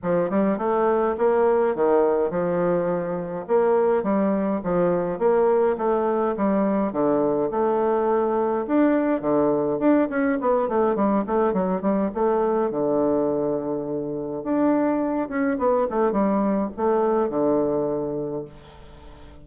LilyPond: \new Staff \with { instrumentName = "bassoon" } { \time 4/4 \tempo 4 = 104 f8 g8 a4 ais4 dis4 | f2 ais4 g4 | f4 ais4 a4 g4 | d4 a2 d'4 |
d4 d'8 cis'8 b8 a8 g8 a8 | fis8 g8 a4 d2~ | d4 d'4. cis'8 b8 a8 | g4 a4 d2 | }